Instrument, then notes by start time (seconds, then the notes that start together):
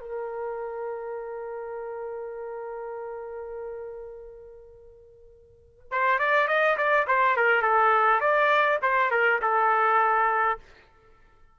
trumpet
0.00 A#4
5.91 C5
6.19 D5
6.48 D#5
6.77 D5
7.07 C5
7.37 A#4
7.62 A4
8.21 D5
8.82 C5
9.11 A#4
9.42 A4